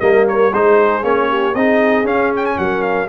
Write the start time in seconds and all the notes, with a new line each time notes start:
0.00 G3 A#3 A#4 D#5
0.28 C#5
0.53 G#3 D#4 G#4 C5
1.03 A#3 C#4 C#5
1.30 G4
1.54 C4 D#4 G#4 D#5
2.04 C#4 F5
2.36 G5
2.45 G#5
2.58 F#3 A#4 F#5
2.82 F5